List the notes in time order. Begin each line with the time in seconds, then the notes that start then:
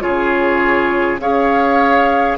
0.00 C#3 F4 G#4 C#5
1.19 C#4 G#4 C#5 F5